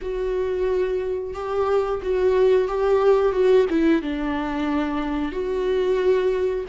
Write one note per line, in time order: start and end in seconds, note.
0.01 1.34 F#4
1.34 2.00 G4
2.02 2.68 F#4
2.68 3.32 G4
3.32 3.65 F#4
3.69 4.02 E4
4.02 5.32 D4
5.32 6.65 F#4